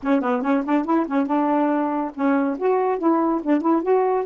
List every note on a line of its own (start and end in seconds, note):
0.02 0.21 C#4
0.21 0.41 B3
0.41 0.63 C#4
0.65 0.84 D4
0.84 1.05 E4
1.07 1.26 C#4
1.26 2.11 D4
2.14 2.57 C#4
2.58 2.98 F#4
2.98 3.41 E4
3.42 3.61 D4
3.61 3.82 E4
3.82 4.25 F#4